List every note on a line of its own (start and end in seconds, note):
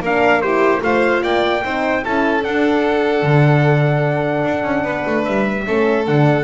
0.00 0.81 A#3
0.00 0.44 D4
0.00 0.43 A#4
0.00 0.42 F5
0.42 0.81 E4
0.42 0.83 G4
0.42 0.82 C5
0.81 1.22 A3
0.81 1.62 F4
0.81 1.23 C5
0.81 1.24 F5
1.23 1.63 A#3
1.23 1.64 D5
1.23 2.05 G5
1.64 2.05 C4
1.64 2.05 D#4
1.64 2.04 C5
2.04 2.44 C#4
2.04 2.41 E4
2.04 4.84 A4
2.04 2.44 A5
2.41 5.63 D4
2.41 3.23 D4
2.41 5.25 F#5
3.23 4.44 D3
4.44 4.64 D4
4.64 4.84 C#4
4.84 5.04 B3
4.84 5.64 B4
5.07 5.27 A3
5.25 5.67 G3
5.25 6.05 E5
5.66 6.08 A3
5.66 6.06 C#4
5.66 6.44 A4
6.07 6.44 D3
6.07 6.44 D4
6.07 6.44 F#5